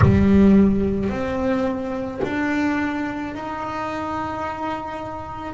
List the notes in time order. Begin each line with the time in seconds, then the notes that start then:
0.02 G3
1.09 C4
2.23 D4
3.34 D#4